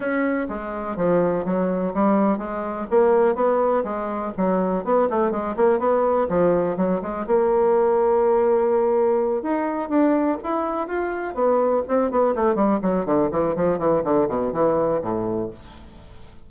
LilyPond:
\new Staff \with { instrumentName = "bassoon" } { \time 4/4 \tempo 4 = 124 cis'4 gis4 f4 fis4 | g4 gis4 ais4 b4 | gis4 fis4 b8 a8 gis8 ais8 | b4 f4 fis8 gis8 ais4~ |
ais2.~ ais8 dis'8~ | dis'8 d'4 e'4 f'4 b8~ | b8 c'8 b8 a8 g8 fis8 d8 e8 | f8 e8 d8 b,8 e4 a,4 | }